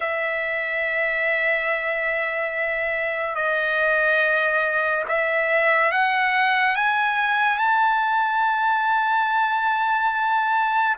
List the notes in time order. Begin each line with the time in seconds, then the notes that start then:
0.00 E5
3.35 D#5
5.08 E5
5.92 F#5
6.75 G#5
7.57 A5